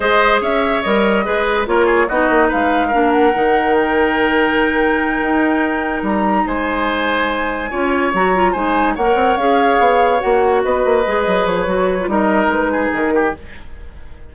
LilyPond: <<
  \new Staff \with { instrumentName = "flute" } { \time 4/4 \tempo 4 = 144 dis''4 e''4 dis''2 | cis''4 dis''4 f''4. fis''8~ | fis''4 g''2.~ | g''2~ g''8 ais''4 gis''8~ |
gis''2.~ gis''8 ais''8~ | ais''8 gis''4 fis''4 f''4.~ | f''8 fis''4 dis''2 cis''8~ | cis''4 dis''4 b'4 ais'4 | }
  \new Staff \with { instrumentName = "oboe" } { \time 4/4 c''4 cis''2 b'4 | ais'8 gis'8 fis'4 b'4 ais'4~ | ais'1~ | ais'2.~ ais'8 c''8~ |
c''2~ c''8 cis''4.~ | cis''8 c''4 cis''2~ cis''8~ | cis''4. b'2~ b'8~ | b'4 ais'4. gis'4 g'8 | }
  \new Staff \with { instrumentName = "clarinet" } { \time 4/4 gis'2 ais'4 gis'4 | f'4 dis'2 d'4 | dis'1~ | dis'1~ |
dis'2~ dis'8 f'4 fis'8 | f'8 dis'4 ais'4 gis'4.~ | gis'8 fis'2 gis'4. | fis'8. f'16 dis'2. | }
  \new Staff \with { instrumentName = "bassoon" } { \time 4/4 gis4 cis'4 g4 gis4 | ais4 b8 ais8 gis4 ais4 | dis1~ | dis8 dis'2 g4 gis8~ |
gis2~ gis8 cis'4 fis8~ | fis8 gis4 ais8 c'8 cis'4 b8~ | b8 ais4 b8 ais8 gis8 fis8 f8 | fis4 g4 gis4 dis4 | }
>>